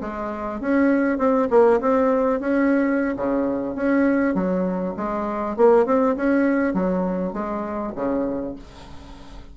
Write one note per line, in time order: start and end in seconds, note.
0.00 0.60 G#3
0.60 1.18 C#4
1.18 1.48 C4
1.50 1.80 A#3
1.80 2.40 C4
2.40 3.15 C#4
3.16 3.75 C#3
3.75 4.34 C#4
4.34 4.94 F#3
4.96 5.56 G#3
5.56 5.85 A#3
5.85 6.15 C4
6.16 6.73 C#4
6.73 7.33 F#3
7.33 7.93 G#3
7.95 8.55 C#3